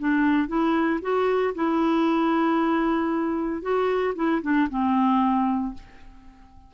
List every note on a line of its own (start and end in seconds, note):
0.00 0.48 D4
0.48 1.01 E4
1.02 1.54 F#4
1.55 3.62 E4
3.62 4.15 F#4
4.16 4.42 E4
4.43 4.69 D4
4.70 5.74 C4